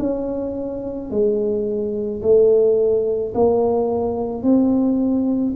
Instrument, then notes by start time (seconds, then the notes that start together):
tuba
0.00 C#4
1.11 G#3
2.23 A3
3.35 A#3
4.43 C4